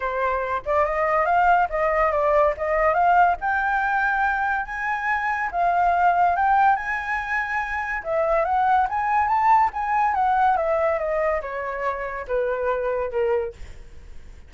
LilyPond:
\new Staff \with { instrumentName = "flute" } { \time 4/4 \tempo 4 = 142 c''4. d''8 dis''4 f''4 | dis''4 d''4 dis''4 f''4 | g''2. gis''4~ | gis''4 f''2 g''4 |
gis''2. e''4 | fis''4 gis''4 a''4 gis''4 | fis''4 e''4 dis''4 cis''4~ | cis''4 b'2 ais'4 | }